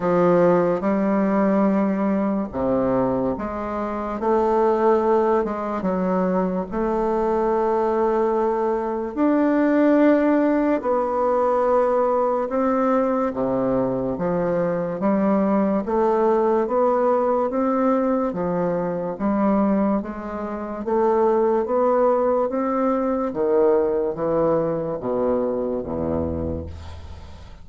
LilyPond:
\new Staff \with { instrumentName = "bassoon" } { \time 4/4 \tempo 4 = 72 f4 g2 c4 | gis4 a4. gis8 fis4 | a2. d'4~ | d'4 b2 c'4 |
c4 f4 g4 a4 | b4 c'4 f4 g4 | gis4 a4 b4 c'4 | dis4 e4 b,4 e,4 | }